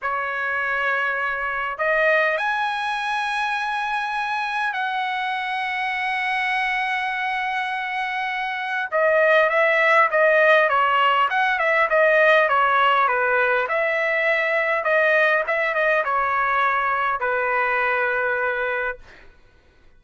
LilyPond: \new Staff \with { instrumentName = "trumpet" } { \time 4/4 \tempo 4 = 101 cis''2. dis''4 | gis''1 | fis''1~ | fis''2. dis''4 |
e''4 dis''4 cis''4 fis''8 e''8 | dis''4 cis''4 b'4 e''4~ | e''4 dis''4 e''8 dis''8 cis''4~ | cis''4 b'2. | }